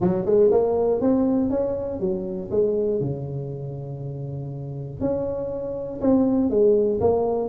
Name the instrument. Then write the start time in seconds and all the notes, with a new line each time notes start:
tuba
0.00 F#3
0.25 G#3
0.51 A#3
1.00 C4
1.50 C#4
2.00 F#3
2.50 G#3
3.00 C#3
5.00 C#4
6.00 C4
6.50 G#3
7.00 A#3